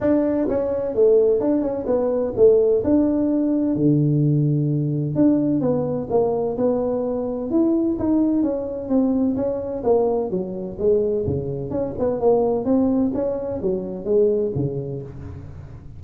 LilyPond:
\new Staff \with { instrumentName = "tuba" } { \time 4/4 \tempo 4 = 128 d'4 cis'4 a4 d'8 cis'8 | b4 a4 d'2 | d2. d'4 | b4 ais4 b2 |
e'4 dis'4 cis'4 c'4 | cis'4 ais4 fis4 gis4 | cis4 cis'8 b8 ais4 c'4 | cis'4 fis4 gis4 cis4 | }